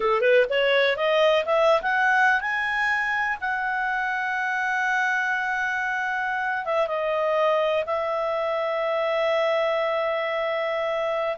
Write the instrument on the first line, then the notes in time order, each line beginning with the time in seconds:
clarinet
0.00 A4
0.21 B4
0.49 C#5
0.96 D#5
1.45 E5
1.82 F#5
2.41 G#5
3.40 F#5
6.65 E5
6.87 D#5
7.86 E5